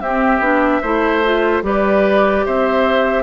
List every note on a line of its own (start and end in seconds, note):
0.00 0.39 C4
0.00 0.41 C4
0.00 0.81 G4
0.00 1.62 E5
0.39 0.80 B3
0.39 0.82 D4
0.81 1.62 A3
0.81 1.23 E4
0.81 1.62 C5
1.24 1.62 F4
1.62 2.43 G3
1.62 3.23 G4
1.62 2.45 B4
1.62 2.45 D5
2.45 3.23 C4
2.45 3.23 C5
2.45 3.23 E5